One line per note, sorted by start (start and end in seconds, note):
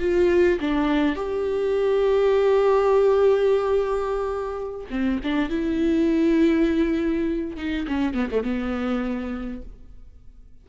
0.00 0.59 F4
0.61 1.16 D4
1.16 4.87 G4
4.90 5.20 C4
5.24 5.50 D4
5.50 7.57 E4
7.57 7.87 D#4
7.88 8.14 C#4
8.14 8.29 B3
8.31 8.44 A3
8.44 9.62 B3